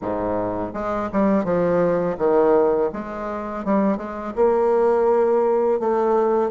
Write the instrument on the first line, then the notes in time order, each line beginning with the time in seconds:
bassoon
0.01 G#2
0.73 G#3
1.12 G3
1.44 F3
2.18 D#3
2.92 G#3
3.64 G3
3.97 G#3
4.35 A#3
5.79 A3